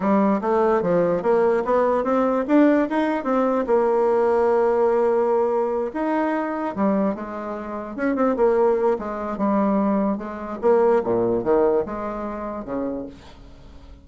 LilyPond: \new Staff \with { instrumentName = "bassoon" } { \time 4/4 \tempo 4 = 147 g4 a4 f4 ais4 | b4 c'4 d'4 dis'4 | c'4 ais2.~ | ais2~ ais8 dis'4.~ |
dis'8 g4 gis2 cis'8 | c'8 ais4. gis4 g4~ | g4 gis4 ais4 ais,4 | dis4 gis2 cis4 | }